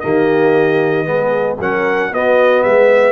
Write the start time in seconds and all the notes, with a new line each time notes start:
0.00 D#3 A#3 G4 D#5
1.05 G#3 B3 G#4
1.59 F#3 C#4 A#4 F#5
2.11 B3 F#4 D#5
2.63 G#3 B4 E5